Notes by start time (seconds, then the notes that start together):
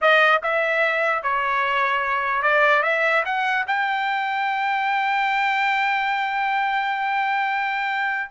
0.01 D#5
0.43 E5
1.22 C#5
2.42 D5
2.82 E5
3.25 F#5
3.67 G5